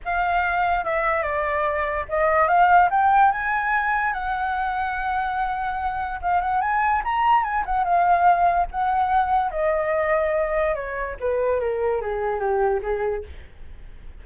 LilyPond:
\new Staff \with { instrumentName = "flute" } { \time 4/4 \tempo 4 = 145 f''2 e''4 d''4~ | d''4 dis''4 f''4 g''4 | gis''2 fis''2~ | fis''2. f''8 fis''8 |
gis''4 ais''4 gis''8 fis''8 f''4~ | f''4 fis''2 dis''4~ | dis''2 cis''4 b'4 | ais'4 gis'4 g'4 gis'4 | }